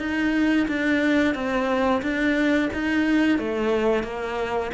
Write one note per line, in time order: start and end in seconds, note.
0.00 0.67 D#4
0.68 1.35 D4
1.35 2.02 C4
2.03 2.70 D4
2.74 3.39 D#4
3.39 4.04 A3
4.04 4.71 A#3